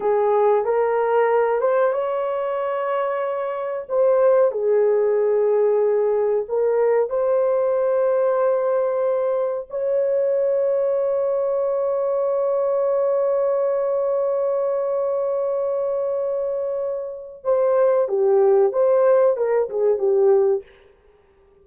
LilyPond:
\new Staff \with { instrumentName = "horn" } { \time 4/4 \tempo 4 = 93 gis'4 ais'4. c''8 cis''4~ | cis''2 c''4 gis'4~ | gis'2 ais'4 c''4~ | c''2. cis''4~ |
cis''1~ | cis''1~ | cis''2. c''4 | g'4 c''4 ais'8 gis'8 g'4 | }